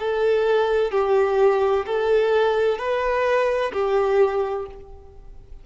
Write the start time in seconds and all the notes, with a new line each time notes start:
0.00 A4
0.92 G4
1.86 A4
2.78 B4
3.73 G4